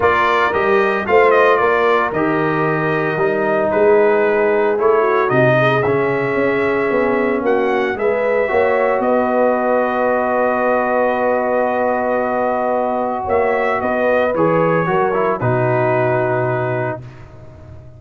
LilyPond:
<<
  \new Staff \with { instrumentName = "trumpet" } { \time 4/4 \tempo 4 = 113 d''4 dis''4 f''8 dis''8 d''4 | dis''2. b'4~ | b'4 cis''4 dis''4 e''4~ | e''2 fis''4 e''4~ |
e''4 dis''2.~ | dis''1~ | dis''4 e''4 dis''4 cis''4~ | cis''4 b'2. | }
  \new Staff \with { instrumentName = "horn" } { \time 4/4 ais'2 c''4 ais'4~ | ais'2. gis'4~ | gis'4. fis'4 gis'4.~ | gis'2 fis'4 b'4 |
cis''4 b'2.~ | b'1~ | b'4 cis''4 b'2 | ais'4 fis'2. | }
  \new Staff \with { instrumentName = "trombone" } { \time 4/4 f'4 g'4 f'2 | g'2 dis'2~ | dis'4 e'4 dis'4 cis'4~ | cis'2. gis'4 |
fis'1~ | fis'1~ | fis'2. gis'4 | fis'8 e'8 dis'2. | }
  \new Staff \with { instrumentName = "tuba" } { \time 4/4 ais4 g4 a4 ais4 | dis2 g4 gis4~ | gis4 a4 c4 cis4 | cis'4 b4 ais4 gis4 |
ais4 b2.~ | b1~ | b4 ais4 b4 e4 | fis4 b,2. | }
>>